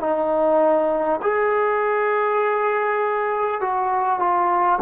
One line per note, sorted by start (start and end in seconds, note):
0.00 1.20 D#4
1.22 3.61 G#4
3.61 4.19 F#4
4.19 4.79 F4